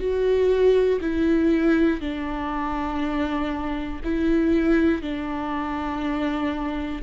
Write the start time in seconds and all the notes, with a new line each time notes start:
0.00 F#4
1.01 E4
2.01 D4
4.04 E4
5.03 D4